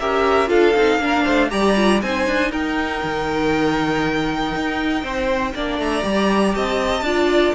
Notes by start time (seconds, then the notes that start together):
0.00 C#4 G4 A#4 E5
0.47 D4 F4 A4 F5
0.76 C4 D#4
0.99 A#3 D4
1.05 A#4
1.24 A3 C5
1.50 G3 G4 D5 A#5
1.76 F4
2.02 C4 D#4 C5 G#5
2.27 D4
2.52 D#4 A#4 G5
3.04 D#3
4.56 D#4
5.03 C4 C5
5.55 A#3 D4 D5
5.79 A3 A#5
6.02 G3 G4
6.55 C4 D#5 A5
7.02 D4 F4 D5